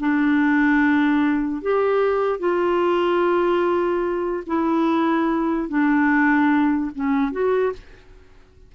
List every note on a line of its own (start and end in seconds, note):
0.00 1.62 D4
1.62 2.40 G4
2.40 4.44 F4
4.47 5.68 E4
5.68 6.91 D4
6.95 7.32 C#4
7.32 7.73 F#4